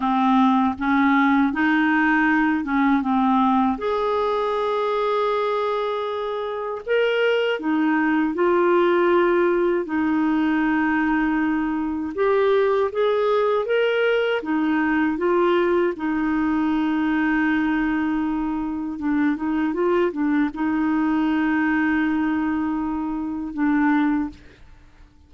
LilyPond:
\new Staff \with { instrumentName = "clarinet" } { \time 4/4 \tempo 4 = 79 c'4 cis'4 dis'4. cis'8 | c'4 gis'2.~ | gis'4 ais'4 dis'4 f'4~ | f'4 dis'2. |
g'4 gis'4 ais'4 dis'4 | f'4 dis'2.~ | dis'4 d'8 dis'8 f'8 d'8 dis'4~ | dis'2. d'4 | }